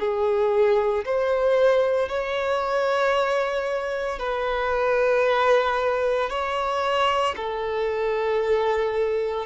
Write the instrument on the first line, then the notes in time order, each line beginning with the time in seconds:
violin
0.00 G#4
1.05 C5
2.09 C#5
4.20 B4
6.31 C#5
7.36 A4